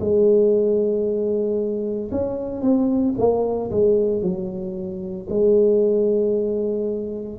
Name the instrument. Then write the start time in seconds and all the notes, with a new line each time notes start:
tuba
0.00 G#3
2.11 C#4
2.62 C4
3.18 A#3
3.71 G#3
4.22 F#3
5.30 G#3